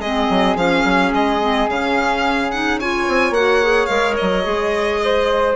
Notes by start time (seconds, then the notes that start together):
0.00 G#3 C4 G#4 D#5
0.30 F#3
0.57 F3 C#4 F5
0.85 F#3
1.13 G#3 D#5
1.41 C4
1.69 C#3 C#4 F5
2.52 D#4 F#5
2.79 F4 C#5 G#5
3.09 C4
3.31 A#3 F#4 F#5
3.63 G#4
3.87 G#3 A#4 F5
4.17 F#3 D#5
4.44 G#3 G#4
5.05 C5